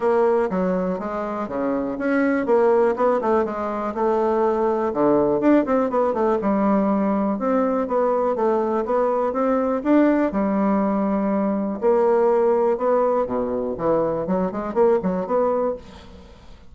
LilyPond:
\new Staff \with { instrumentName = "bassoon" } { \time 4/4 \tempo 4 = 122 ais4 fis4 gis4 cis4 | cis'4 ais4 b8 a8 gis4 | a2 d4 d'8 c'8 | b8 a8 g2 c'4 |
b4 a4 b4 c'4 | d'4 g2. | ais2 b4 b,4 | e4 fis8 gis8 ais8 fis8 b4 | }